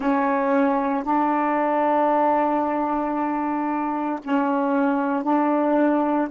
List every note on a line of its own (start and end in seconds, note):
0.00 1.03 C#4
1.03 4.19 D4
4.23 5.23 C#4
5.23 6.28 D4